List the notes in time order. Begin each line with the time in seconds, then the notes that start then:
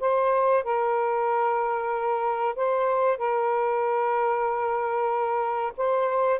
0.00 C5
0.64 A#4
2.56 C5
3.17 A#4
5.77 C5